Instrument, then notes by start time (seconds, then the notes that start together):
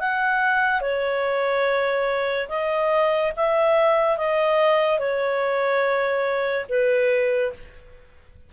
clarinet
0.00 F#5
0.81 C#5
2.49 D#5
3.36 E5
4.17 D#5
4.99 C#5
6.69 B4